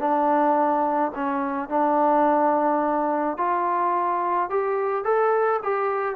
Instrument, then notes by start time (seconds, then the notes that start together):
trombone
0.00 D4
1.15 C#4
1.69 D4
3.38 F4
4.50 G4
5.05 A4
5.64 G4